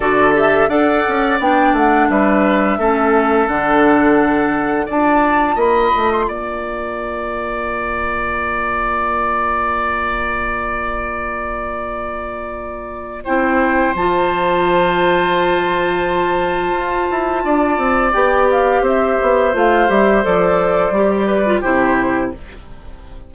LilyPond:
<<
  \new Staff \with { instrumentName = "flute" } { \time 4/4 \tempo 4 = 86 d''8 e''8 fis''4 g''8 fis''8 e''4~ | e''4 fis''2 a''4 | b''8. c'''16 ais''2.~ | ais''1~ |
ais''2. g''4 | a''1~ | a''2 g''8 f''8 e''4 | f''8 e''8 d''2 c''4 | }
  \new Staff \with { instrumentName = "oboe" } { \time 4/4 a'4 d''2 b'4 | a'2. d''4 | dis''4 d''2.~ | d''1~ |
d''2. c''4~ | c''1~ | c''4 d''2 c''4~ | c''2~ c''8 b'8 g'4 | }
  \new Staff \with { instrumentName = "clarinet" } { \time 4/4 fis'8 g'8 a'4 d'2 | cis'4 d'2 f'4~ | f'1~ | f'1~ |
f'2. e'4 | f'1~ | f'2 g'2 | f'8 g'8 a'4 g'8. f'16 e'4 | }
  \new Staff \with { instrumentName = "bassoon" } { \time 4/4 d4 d'8 cis'8 b8 a8 g4 | a4 d2 d'4 | ais8 a8 ais2.~ | ais1~ |
ais2. c'4 | f1 | f'8 e'8 d'8 c'8 b4 c'8 b8 | a8 g8 f4 g4 c4 | }
>>